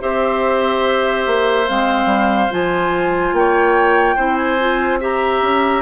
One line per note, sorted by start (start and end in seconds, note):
0.00 1.27 C4
0.00 1.67 G4
0.00 3.35 C5
0.00 1.69 E5
1.27 1.69 A#3
1.67 2.06 G#3
1.67 2.50 C4
1.67 2.52 F5
2.06 2.47 G3
2.50 3.33 F3
2.50 4.17 F4
2.50 3.35 G#5
3.33 4.16 A#3
3.33 4.16 C#5
3.33 4.36 G5
4.16 5.42 C4
4.16 4.59 E4
4.16 4.99 C5
4.36 4.98 G#5
4.60 5.00 F4
5.00 5.82 G4
5.00 5.82 E5
5.00 5.82 A#5
5.42 5.82 C#4